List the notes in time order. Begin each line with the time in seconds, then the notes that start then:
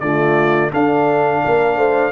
0.00 D3 A3 F4 D5
0.71 D4 A4 F5
1.44 A#3 A#4
1.77 A3 C5